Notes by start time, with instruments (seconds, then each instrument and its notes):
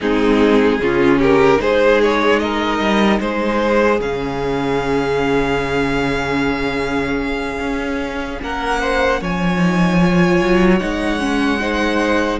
0.00 cello G#3, viola C4, violin D#4 G#4
0.79 cello C#3, viola C#4, violin F4
1.18 violin G4 A#4
1.56 cello G#3, viola D#4, violin G#4 C5
2.02 violin C#5
2.39 violin A#4 D#5
2.79 cello G3
3.20 cello G#3, violin G#4 C5
3.99 cello C#3, viola C#4, violin F5
7.60 cello C#4
8.41 cello A#3, violin A#4 F#5
8.80 violin C5
9.20 cello F3, violin C#5 G#5
9.57 viola D#4
10.02 viola F4
10.41 cello F#3
10.79 cello G#3, viola D#4, violin F#5
11.19 viola C#4
11.60 viola D#4, violin C5